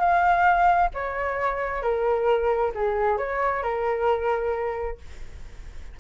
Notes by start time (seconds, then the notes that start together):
0.00 F5
0.95 C#5
1.83 A#4
2.75 G#4
3.18 C#5
3.63 A#4